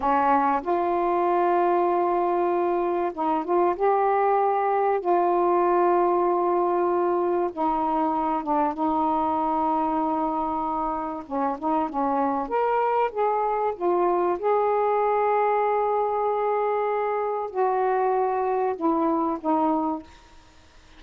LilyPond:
\new Staff \with { instrumentName = "saxophone" } { \time 4/4 \tempo 4 = 96 cis'4 f'2.~ | f'4 dis'8 f'8 g'2 | f'1 | dis'4. d'8 dis'2~ |
dis'2 cis'8 dis'8 cis'4 | ais'4 gis'4 f'4 gis'4~ | gis'1 | fis'2 e'4 dis'4 | }